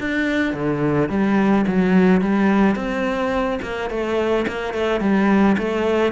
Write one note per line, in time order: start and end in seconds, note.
0.00 0.53 D4
0.53 1.09 D3
1.09 1.65 G3
1.67 2.21 F#3
2.21 2.76 G3
2.76 3.60 C4
3.62 3.90 A#3
3.90 4.46 A3
4.48 4.74 A#3
4.74 5.00 A3
5.00 5.56 G3
5.58 6.12 A3